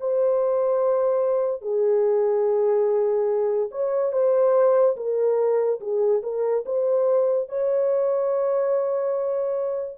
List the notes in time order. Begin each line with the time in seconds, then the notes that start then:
0.00 C5
1.62 G#4
3.72 C#5
4.13 C5
4.97 A#4
5.81 G#4
6.23 A#4
6.66 C5
7.49 C#5